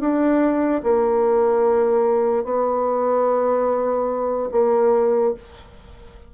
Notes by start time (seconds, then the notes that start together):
0.00 D4
0.83 A#3
2.44 B3
4.52 A#3